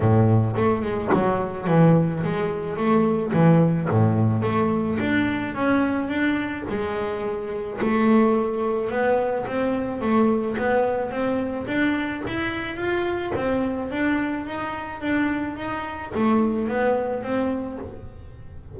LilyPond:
\new Staff \with { instrumentName = "double bass" } { \time 4/4 \tempo 4 = 108 a,4 a8 gis8 fis4 e4 | gis4 a4 e4 a,4 | a4 d'4 cis'4 d'4 | gis2 a2 |
b4 c'4 a4 b4 | c'4 d'4 e'4 f'4 | c'4 d'4 dis'4 d'4 | dis'4 a4 b4 c'4 | }